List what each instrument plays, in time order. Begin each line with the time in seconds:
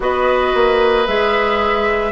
0.00 bassoon B3, clarinet F#4, oboe B4, flute D#5
0.54 bassoon A#3
1.07 bassoon G#3, clarinet G#4, flute E5